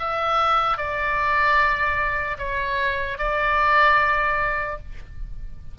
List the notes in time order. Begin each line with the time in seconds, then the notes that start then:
0.00 E5
0.78 D5
2.39 C#5
3.19 D5